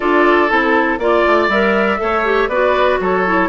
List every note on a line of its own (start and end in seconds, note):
0.00 0.51 D4
0.00 0.49 F4
0.00 0.99 A4
0.00 0.49 D5
0.49 0.98 C4
0.49 0.99 E4
0.49 0.99 A4
0.98 1.23 A#3
0.98 1.50 F4
0.98 1.99 D5
0.98 1.50 D5
1.26 1.48 A3
1.48 1.97 G3
1.48 1.98 A#4
1.48 2.49 E5
1.98 2.48 A3
1.98 2.23 A4
1.98 2.49 C#5
2.24 2.49 G4
2.48 2.98 B3
2.48 3.25 F#4
2.48 2.99 B4
2.48 2.99 D5
3.00 3.49 F#3
3.00 3.49 A4
3.00 3.49 C#5
3.25 3.49 E4